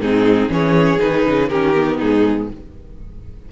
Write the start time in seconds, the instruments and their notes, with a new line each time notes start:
0.00 cello G#2, viola C4, violin D#4 G#4
0.49 cello E3, viola C#4, violin G#4 C#5
0.99 cello D#3, viola D#4, violin B4
1.26 cello C#3
1.49 cello D#3, viola C#4, violin G4 A#4
1.75 viola B3
1.98 cello G#2, violin D#4 G#4